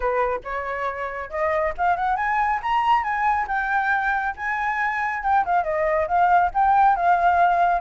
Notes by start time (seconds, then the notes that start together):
0.00 B4
0.43 C#5
1.29 D#5
1.77 F5
1.96 F#5
2.16 G#5
2.62 A#5
3.03 G#5
3.47 G5
4.36 G#5
5.23 G5
5.45 F5
5.63 D#5
6.07 F5
6.53 G5
6.96 F5